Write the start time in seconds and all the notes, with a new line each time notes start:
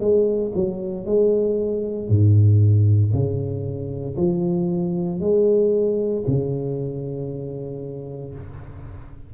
0.00 G#3
0.55 F#3
1.05 G#3
2.08 G#2
3.12 C#3
4.17 F3
5.20 G#3
6.27 C#3